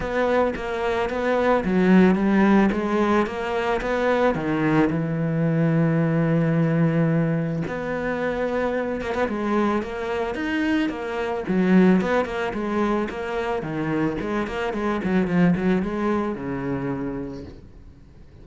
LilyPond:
\new Staff \with { instrumentName = "cello" } { \time 4/4 \tempo 4 = 110 b4 ais4 b4 fis4 | g4 gis4 ais4 b4 | dis4 e2.~ | e2 b2~ |
b8 ais16 b16 gis4 ais4 dis'4 | ais4 fis4 b8 ais8 gis4 | ais4 dis4 gis8 ais8 gis8 fis8 | f8 fis8 gis4 cis2 | }